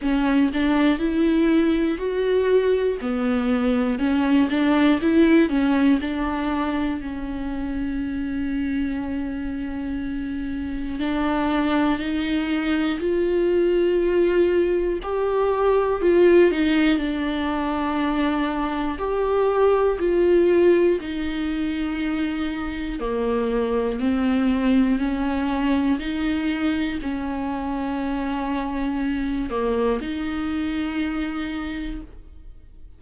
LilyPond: \new Staff \with { instrumentName = "viola" } { \time 4/4 \tempo 4 = 60 cis'8 d'8 e'4 fis'4 b4 | cis'8 d'8 e'8 cis'8 d'4 cis'4~ | cis'2. d'4 | dis'4 f'2 g'4 |
f'8 dis'8 d'2 g'4 | f'4 dis'2 ais4 | c'4 cis'4 dis'4 cis'4~ | cis'4. ais8 dis'2 | }